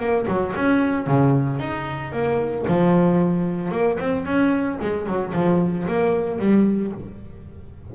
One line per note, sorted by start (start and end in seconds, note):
0.00 0.27 A#3
0.28 0.55 F#3
0.56 1.07 C#4
1.07 1.60 C#3
1.60 2.13 D#4
2.13 2.66 A#3
2.68 3.72 F3
3.72 3.98 A#3
4.00 4.26 C4
4.26 4.79 C#4
4.81 5.07 G#3
5.07 5.33 F#3
5.34 5.87 F3
5.88 6.39 A#3
6.39 6.92 G3